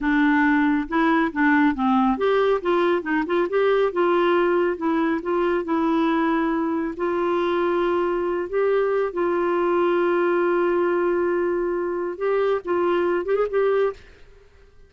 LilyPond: \new Staff \with { instrumentName = "clarinet" } { \time 4/4 \tempo 4 = 138 d'2 e'4 d'4 | c'4 g'4 f'4 dis'8 f'8 | g'4 f'2 e'4 | f'4 e'2. |
f'2.~ f'8 g'8~ | g'4 f'2.~ | f'1 | g'4 f'4. g'16 gis'16 g'4 | }